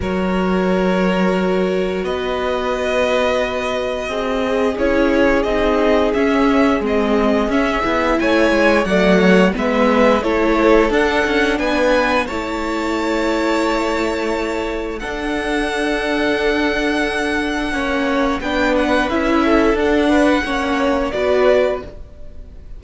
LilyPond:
<<
  \new Staff \with { instrumentName = "violin" } { \time 4/4 \tempo 4 = 88 cis''2. dis''4~ | dis''2. cis''4 | dis''4 e''4 dis''4 e''4 | gis''4 fis''4 e''4 cis''4 |
fis''4 gis''4 a''2~ | a''2 fis''2~ | fis''2. g''8 fis''8 | e''4 fis''2 d''4 | }
  \new Staff \with { instrumentName = "violin" } { \time 4/4 ais'2. b'4~ | b'2 gis'2~ | gis'1 | cis''4 d''8 cis''8 b'4 a'4~ |
a'4 b'4 cis''2~ | cis''2 a'2~ | a'2 cis''4 b'4~ | b'8 a'4 b'8 cis''4 b'4 | }
  \new Staff \with { instrumentName = "viola" } { \time 4/4 fis'1~ | fis'2~ fis'8 gis'8 e'4 | dis'4 cis'4 c'4 cis'8 e'8~ | e'4 a4 b4 e'4 |
d'2 e'2~ | e'2 d'2~ | d'2 cis'4 d'4 | e'4 d'4 cis'4 fis'4 | }
  \new Staff \with { instrumentName = "cello" } { \time 4/4 fis2. b4~ | b2 c'4 cis'4 | c'4 cis'4 gis4 cis'8 b8 | a8 gis8 fis4 gis4 a4 |
d'8 cis'8 b4 a2~ | a2 d'2~ | d'2 ais4 b4 | cis'4 d'4 ais4 b4 | }
>>